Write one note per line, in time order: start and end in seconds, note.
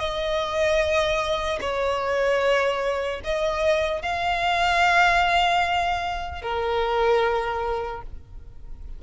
0.00 1.60 D#5
1.61 3.21 C#5
3.25 4.03 D#5
4.03 6.43 F5
6.43 8.03 A#4